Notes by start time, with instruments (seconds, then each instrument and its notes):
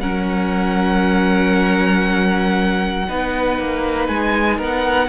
0.00 cello F#3, viola C#4, violin A#4 F#5
3.07 cello B3, viola D#4, violin B4
3.59 cello A#3
4.07 cello G#3, violin G#5
4.57 cello B3, violin A#4
4.63 violin F#5